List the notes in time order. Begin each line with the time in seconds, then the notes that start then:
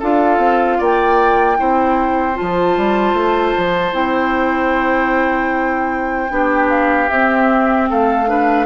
0.00 D4 F4 A4 F5
0.38 C4
0.79 A#3 D5 G5
1.57 C4 E4 C5
2.35 F4 A5
2.41 F3
2.78 G3
3.14 A3
3.58 F3
3.93 C4 E4 G5
6.30 B3 D4 G4
6.70 F5
7.10 C4 E5
7.90 A3 A4 F5
8.27 D4 B4